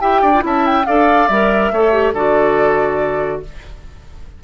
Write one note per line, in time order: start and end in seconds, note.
0.00 0.22 E4
0.00 0.33 G4
0.00 0.22 E5
0.00 0.43 G5
0.22 0.43 D4
0.22 0.43 D5
0.34 0.41 F4
0.41 0.86 C#4
0.41 0.83 E4
0.41 0.87 E5
0.41 0.66 A5
0.66 0.86 G5
0.86 1.29 D4
0.86 1.30 A4
0.86 1.72 D5
0.86 1.28 F5
1.28 1.71 G3
1.28 1.75 A#4
1.28 2.13 E5
1.71 2.14 A3
1.71 1.93 A4
1.71 2.14 C#5
1.93 2.14 G4
2.14 3.41 D3
2.14 3.44 F#4
2.14 3.41 A4
2.14 3.42 D5